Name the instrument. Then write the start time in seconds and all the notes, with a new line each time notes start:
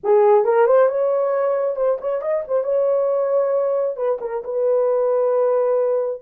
horn
0.03 G#4
0.44 A#4
0.66 C5
0.88 C#5
1.76 C5
2.01 C#5
2.21 D#5
2.47 C5
2.63 C#5
3.96 B4
4.20 A#4
4.44 B4